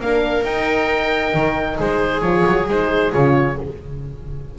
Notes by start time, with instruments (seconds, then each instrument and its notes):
0.00 double bass A#3, horn D4, viola A#4, oboe F5
0.44 double bass D#4, horn D#4, oboe G5
1.34 double bass D#3
1.76 double bass G#3, viola G#4, oboe C5
2.21 double bass F3, horn F4, oboe C#5
2.46 double bass F#3
2.68 double bass G#3, horn D#4, oboe C5
3.12 double bass C#3, horn F4, oboe C#5